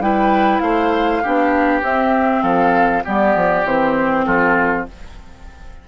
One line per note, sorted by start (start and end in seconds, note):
0.00 0.61 G3
0.00 1.23 E4
0.00 0.63 B4
0.00 0.60 G5
0.60 1.22 A3
0.60 1.24 C5
0.60 1.81 F5
1.24 1.82 B3
1.24 1.82 D4
1.24 2.43 G4
1.82 2.43 C4
1.82 3.04 C4
1.82 2.43 E5
2.43 3.04 F3
2.43 3.04 A4
2.43 3.04 F5
3.05 3.36 G3
3.05 3.66 B3
3.05 4.26 G4
3.05 3.67 D5
3.36 3.65 F3
3.65 4.25 E3
3.65 4.88 C4
3.65 4.26 C5
4.26 4.88 F3
4.26 4.87 F4
4.26 4.86 A4